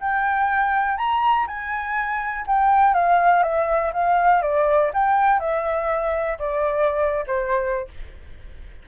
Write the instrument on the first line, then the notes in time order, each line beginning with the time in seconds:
flute
0.00 G5
0.97 A#5
1.47 G#5
2.47 G5
2.94 F5
3.42 E5
3.93 F5
4.42 D5
4.93 G5
5.39 E5
6.38 D5
7.26 C5